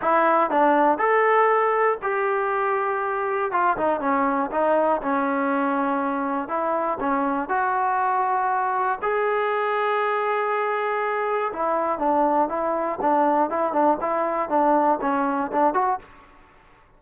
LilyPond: \new Staff \with { instrumentName = "trombone" } { \time 4/4 \tempo 4 = 120 e'4 d'4 a'2 | g'2. f'8 dis'8 | cis'4 dis'4 cis'2~ | cis'4 e'4 cis'4 fis'4~ |
fis'2 gis'2~ | gis'2. e'4 | d'4 e'4 d'4 e'8 d'8 | e'4 d'4 cis'4 d'8 fis'8 | }